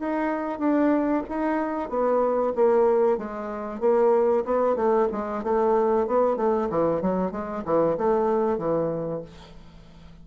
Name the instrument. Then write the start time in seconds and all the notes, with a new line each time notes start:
bassoon
0.00 D#4
0.59 D4
1.30 D#4
1.90 B3
2.56 A#3
3.18 G#3
3.81 A#3
4.45 B3
4.76 A3
5.12 G#3
5.44 A3
6.07 B3
6.37 A3
6.70 E3
7.02 F#3
7.32 G#3
7.66 E3
7.98 A3
8.58 E3